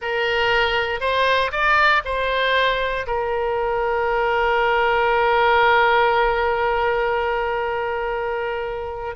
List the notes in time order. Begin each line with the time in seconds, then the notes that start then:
0.01 A#4
1.00 C5
1.51 D5
2.04 C5
3.06 A#4